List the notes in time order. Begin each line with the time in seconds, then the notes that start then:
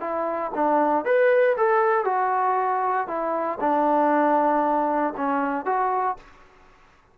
0.00 E4
0.55 D4
1.05 B4
1.57 A4
2.05 F#4
3.07 E4
3.60 D4
5.17 C#4
5.65 F#4